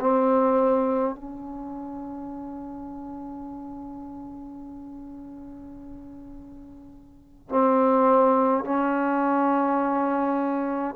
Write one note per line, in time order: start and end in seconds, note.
0.00 1.15 C4
1.15 7.49 C#4
7.49 8.64 C4
8.64 10.95 C#4